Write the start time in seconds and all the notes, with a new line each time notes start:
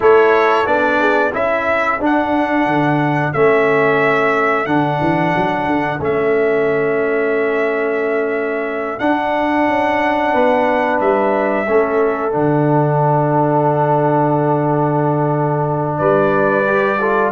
0.00 A3 E4 A4 C#5
0.65 B3 D4 D5
1.00 G#4
1.32 C#4 E4 A4 E5
1.99 D4 F#5
2.66 D3
3.33 A3 C#4 E5
4.66 D3 D4 F#5
5.00 E3
5.36 F#3
5.65 D3
5.99 A3 C#4 E5
8.99 D4 F#5
9.67 C#4
10.32 B3 B4
11.00 G3 E5
11.67 A3 C#4 A4
12.31 D3 D4 F#5
15.97 G3 B4 D5
16.66 G4
16.99 F4 A4